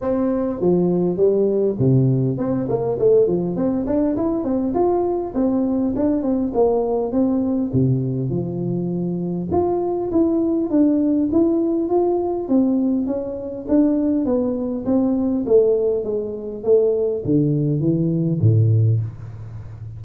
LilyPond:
\new Staff \with { instrumentName = "tuba" } { \time 4/4 \tempo 4 = 101 c'4 f4 g4 c4 | c'8 ais8 a8 f8 c'8 d'8 e'8 c'8 | f'4 c'4 d'8 c'8 ais4 | c'4 c4 f2 |
f'4 e'4 d'4 e'4 | f'4 c'4 cis'4 d'4 | b4 c'4 a4 gis4 | a4 d4 e4 a,4 | }